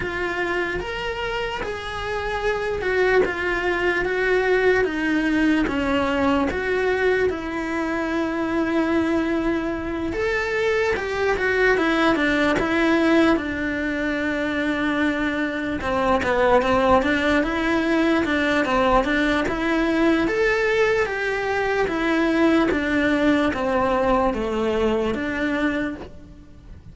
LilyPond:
\new Staff \with { instrumentName = "cello" } { \time 4/4 \tempo 4 = 74 f'4 ais'4 gis'4. fis'8 | f'4 fis'4 dis'4 cis'4 | fis'4 e'2.~ | e'8 a'4 g'8 fis'8 e'8 d'8 e'8~ |
e'8 d'2. c'8 | b8 c'8 d'8 e'4 d'8 c'8 d'8 | e'4 a'4 g'4 e'4 | d'4 c'4 a4 d'4 | }